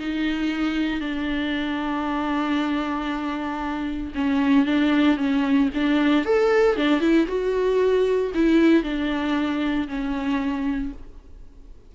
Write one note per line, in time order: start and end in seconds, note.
0.00 1.01 D#4
1.01 4.14 D4
4.15 4.66 C#4
4.66 5.17 D4
5.17 5.70 C#4
5.75 6.25 D4
6.25 6.77 A4
6.77 7.01 D4
7.01 7.27 E4
7.28 8.32 F#4
8.35 8.83 E4
8.83 9.88 D4
9.88 10.93 C#4